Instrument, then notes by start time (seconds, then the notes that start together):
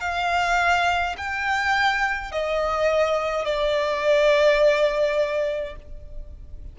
violin
0.00 F5
1.17 G5
2.31 D#5
3.45 D5